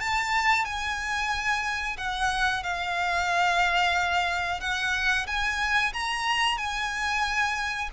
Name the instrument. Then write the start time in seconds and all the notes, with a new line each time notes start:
violin
0.00 A5
0.65 G#5
1.98 F#5
2.63 F5
4.61 F#5
5.27 G#5
5.93 A#5
6.58 G#5